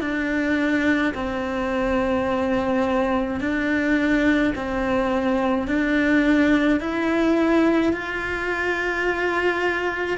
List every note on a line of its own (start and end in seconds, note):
0.00 1.13 D4
1.14 3.40 C4
3.40 4.53 D4
4.55 5.68 C4
5.68 6.80 D4
6.80 7.93 E4
7.93 10.18 F4